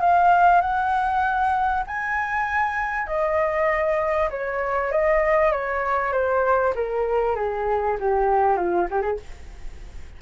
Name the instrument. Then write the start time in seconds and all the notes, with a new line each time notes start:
flute
0.00 F5
0.61 F#5
1.86 G#5
3.06 D#5
4.30 C#5
4.91 D#5
5.51 C#5
6.12 C5
6.75 A#4
7.36 G#4
8.00 G4
8.56 F4
8.90 G4
9.01 G#4